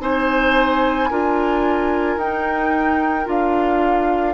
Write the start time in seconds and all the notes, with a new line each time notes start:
0.00 C4 D#4 C5 G#5
1.10 D4 F4 A#4
2.17 D#4 G5
3.25 D4 F4 F5